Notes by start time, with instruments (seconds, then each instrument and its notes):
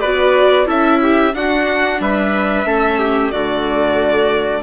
0.00 bassoon B3, viola F#4, trumpet B4, violin D5
0.66 bassoon C#4, viola E4, trumpet A4, violin E5
1.02 trumpet G4
1.34 viola D4, bassoon D4, trumpet F#4, violin F#5
2.00 bassoon G3, trumpet B4, violin E5
2.65 bassoon A3, viola C#4, trumpet A4
2.99 trumpet G4
3.31 bassoon D3, viola A3, trumpet F#4, violin D5